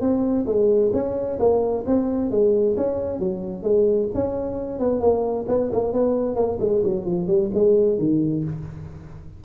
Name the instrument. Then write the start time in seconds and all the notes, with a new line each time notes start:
tuba
0.00 C4
0.46 G#3
0.93 C#4
1.39 A#3
1.86 C4
2.31 G#3
2.76 C#4
3.19 F#3
3.63 G#3
4.14 C#4
4.79 B3
5.00 A#3
5.48 B3
5.72 A#3
5.93 B3
6.35 A#3
6.59 G#3
6.83 F#3
7.05 F3
7.27 G3
7.54 G#3
7.98 D#3